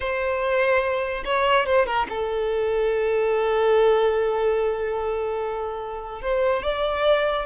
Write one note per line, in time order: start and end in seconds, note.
0.00 1.23 C5
1.24 1.66 C#5
1.66 1.86 C5
1.86 2.07 A#4
2.09 6.21 A4
6.21 6.62 C5
6.62 7.45 D5